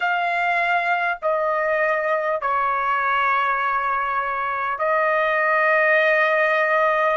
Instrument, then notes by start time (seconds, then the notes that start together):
trumpet
0.00 F5
1.22 D#5
2.41 C#5
4.78 D#5